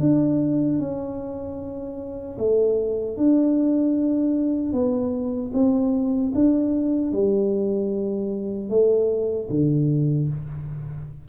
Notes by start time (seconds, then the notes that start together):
0.00 D4
0.79 C#4
2.38 A3
3.17 D4
4.73 B3
5.54 C4
6.35 D4
7.12 G3
8.69 A3
9.50 D3